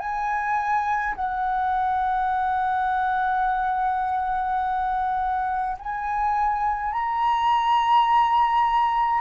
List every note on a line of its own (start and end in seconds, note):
0.00 1.15 G#5
1.15 5.77 F#5
5.80 6.93 G#5
6.93 9.21 A#5